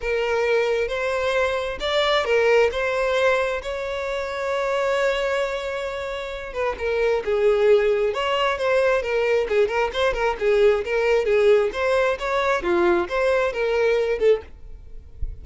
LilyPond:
\new Staff \with { instrumentName = "violin" } { \time 4/4 \tempo 4 = 133 ais'2 c''2 | d''4 ais'4 c''2 | cis''1~ | cis''2~ cis''8 b'8 ais'4 |
gis'2 cis''4 c''4 | ais'4 gis'8 ais'8 c''8 ais'8 gis'4 | ais'4 gis'4 c''4 cis''4 | f'4 c''4 ais'4. a'8 | }